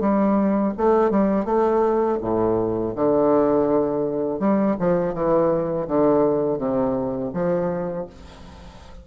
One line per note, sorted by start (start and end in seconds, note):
0.00 0.73 G3
0.77 1.10 A3
1.10 1.45 G3
1.45 2.18 A3
2.21 2.94 A2
2.95 4.39 D3
4.39 4.76 G3
4.79 5.14 F3
5.14 5.87 E3
5.87 6.58 D3
6.58 7.31 C3
7.33 8.07 F3